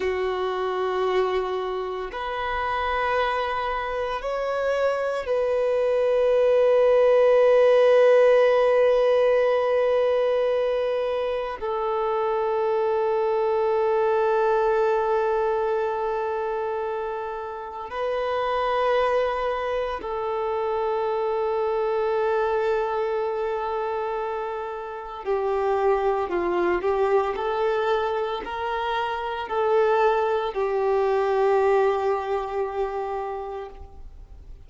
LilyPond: \new Staff \with { instrumentName = "violin" } { \time 4/4 \tempo 4 = 57 fis'2 b'2 | cis''4 b'2.~ | b'2. a'4~ | a'1~ |
a'4 b'2 a'4~ | a'1 | g'4 f'8 g'8 a'4 ais'4 | a'4 g'2. | }